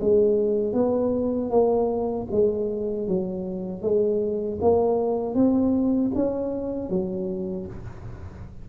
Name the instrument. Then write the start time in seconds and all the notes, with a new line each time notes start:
tuba
0.00 G#3
0.73 B3
1.50 A#3
2.31 G#3
3.07 F#3
3.81 G#3
4.60 A#3
5.34 C4
6.14 C#4
6.89 F#3